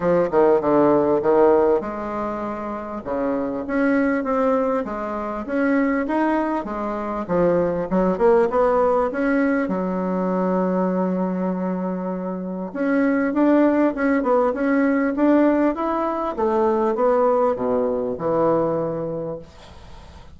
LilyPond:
\new Staff \with { instrumentName = "bassoon" } { \time 4/4 \tempo 4 = 99 f8 dis8 d4 dis4 gis4~ | gis4 cis4 cis'4 c'4 | gis4 cis'4 dis'4 gis4 | f4 fis8 ais8 b4 cis'4 |
fis1~ | fis4 cis'4 d'4 cis'8 b8 | cis'4 d'4 e'4 a4 | b4 b,4 e2 | }